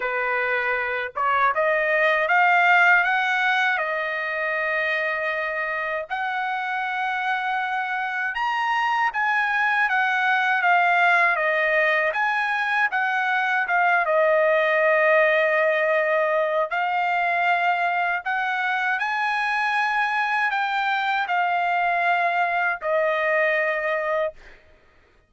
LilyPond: \new Staff \with { instrumentName = "trumpet" } { \time 4/4 \tempo 4 = 79 b'4. cis''8 dis''4 f''4 | fis''4 dis''2. | fis''2. ais''4 | gis''4 fis''4 f''4 dis''4 |
gis''4 fis''4 f''8 dis''4.~ | dis''2 f''2 | fis''4 gis''2 g''4 | f''2 dis''2 | }